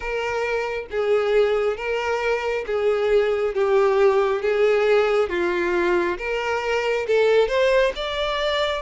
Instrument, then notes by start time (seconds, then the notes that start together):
violin
0.00 A#4
0.90 G#4
1.76 A#4
2.66 G#4
3.54 G4
4.42 G#4
5.29 F4
6.18 A#4
7.07 A4
7.48 C5
7.95 D5